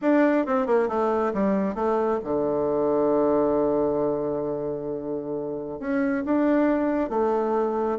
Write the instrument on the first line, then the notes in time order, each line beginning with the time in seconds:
bassoon
0.01 D4
0.45 C4
0.66 A#3
0.88 A3
1.33 G3
1.74 A3
2.24 D3
5.79 C#4
6.25 D4
7.09 A3